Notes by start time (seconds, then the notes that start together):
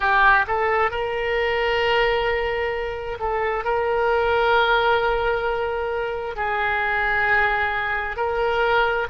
0.00 G4
0.47 A4
0.90 A#4
3.19 A4
3.64 A#4
6.36 G#4
8.16 A#4